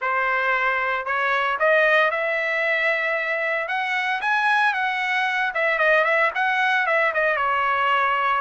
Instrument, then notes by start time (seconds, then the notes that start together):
trumpet
0.01 C5
1.05 C#5
1.59 D#5
2.11 E5
3.68 F#5
4.21 G#5
4.73 F#5
5.54 E5
5.78 D#5
6.04 E5
6.34 F#5
6.86 E5
7.14 D#5
7.36 C#5